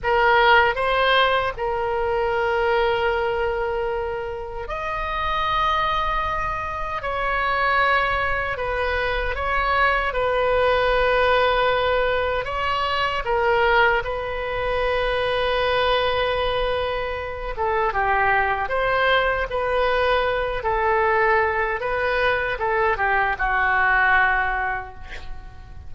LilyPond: \new Staff \with { instrumentName = "oboe" } { \time 4/4 \tempo 4 = 77 ais'4 c''4 ais'2~ | ais'2 dis''2~ | dis''4 cis''2 b'4 | cis''4 b'2. |
cis''4 ais'4 b'2~ | b'2~ b'8 a'8 g'4 | c''4 b'4. a'4. | b'4 a'8 g'8 fis'2 | }